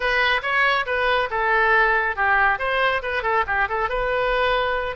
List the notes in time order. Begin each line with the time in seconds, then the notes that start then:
0.00 B4
0.42 C#5
0.86 B4
1.30 A4
2.16 G4
2.58 C5
3.02 B4
3.22 A4
3.46 G4
3.68 A4
3.89 B4